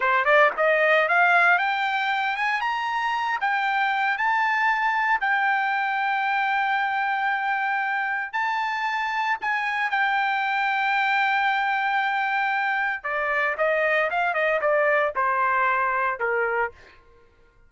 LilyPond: \new Staff \with { instrumentName = "trumpet" } { \time 4/4 \tempo 4 = 115 c''8 d''8 dis''4 f''4 g''4~ | g''8 gis''8 ais''4. g''4. | a''2 g''2~ | g''1 |
a''2 gis''4 g''4~ | g''1~ | g''4 d''4 dis''4 f''8 dis''8 | d''4 c''2 ais'4 | }